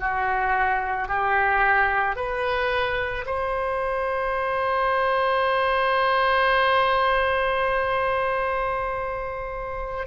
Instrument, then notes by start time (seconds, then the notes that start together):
oboe
0.00 F#4
1.08 G4
2.16 B4
3.26 C5